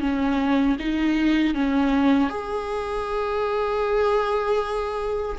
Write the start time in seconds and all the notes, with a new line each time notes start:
0.00 C#4
0.79 D#4
1.55 C#4
2.30 G#4